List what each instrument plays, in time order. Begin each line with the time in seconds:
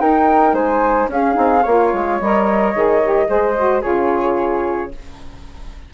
0.00 bassoon D#4, saxophone D#4, flute A#4 G5
0.53 bassoon G#3, flute C5 G#5
1.08 bassoon C#4, saxophone C#4, flute G#4 F5
1.34 bassoon C4, saxophone D#4
1.63 bassoon A#3, saxophone F4, flute C#5
1.94 bassoon G#3
2.20 bassoon G3, saxophone A#4, flute D#5
2.74 bassoon D#3, saxophone G#4
3.04 saxophone G4
3.27 bassoon G#3, saxophone G#4, flute C5
3.57 saxophone F#4
3.82 bassoon C#3, saxophone F4, flute G#4 C#5